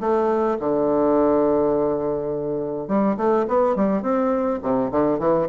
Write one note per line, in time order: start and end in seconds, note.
0.00 0.58 A3
0.59 2.87 D3
2.87 3.17 G3
3.17 3.46 A3
3.48 3.76 B3
3.76 4.02 G3
4.02 4.60 C4
4.62 4.91 C3
4.91 5.19 D3
5.19 5.48 E3